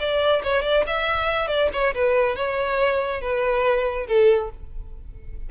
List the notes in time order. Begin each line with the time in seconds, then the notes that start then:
0.00 D5
0.44 C#5
0.63 D5
0.87 E5
1.48 D5
1.73 C#5
1.95 B4
2.36 C#5
3.22 B4
4.07 A4